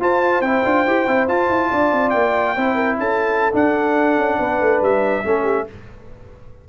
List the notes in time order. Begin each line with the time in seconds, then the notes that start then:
0.00 F4 C5 A5
0.41 C4 E4 G5
0.65 D4 F4
0.86 E4 G4
1.07 C4 E4
1.27 F4 A5
1.49 E4
1.71 D4 D5
1.92 C4
2.10 A#3 G5
2.56 C4 E4 C5
2.75 A#4
2.98 C#4 A4 A5
3.52 D4 F#5
4.17 C#4
4.39 B3 B4
4.60 A3
4.82 G3 E5
5.24 A3 C#4 A4
5.43 G4